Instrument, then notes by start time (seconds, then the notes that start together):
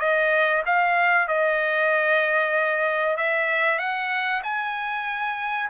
trumpet
0.00 D#5
0.66 F5
1.28 D#5
3.18 E5
3.79 F#5
4.44 G#5